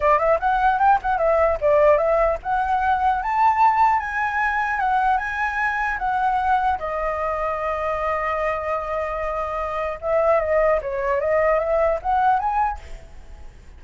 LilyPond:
\new Staff \with { instrumentName = "flute" } { \time 4/4 \tempo 4 = 150 d''8 e''8 fis''4 g''8 fis''8 e''4 | d''4 e''4 fis''2 | a''2 gis''2 | fis''4 gis''2 fis''4~ |
fis''4 dis''2.~ | dis''1~ | dis''4 e''4 dis''4 cis''4 | dis''4 e''4 fis''4 gis''4 | }